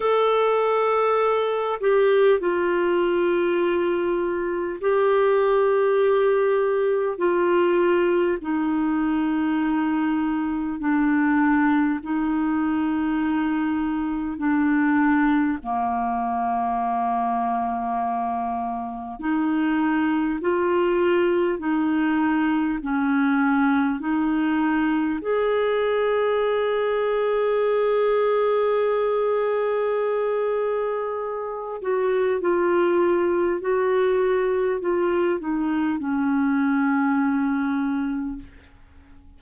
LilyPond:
\new Staff \with { instrumentName = "clarinet" } { \time 4/4 \tempo 4 = 50 a'4. g'8 f'2 | g'2 f'4 dis'4~ | dis'4 d'4 dis'2 | d'4 ais2. |
dis'4 f'4 dis'4 cis'4 | dis'4 gis'2.~ | gis'2~ gis'8 fis'8 f'4 | fis'4 f'8 dis'8 cis'2 | }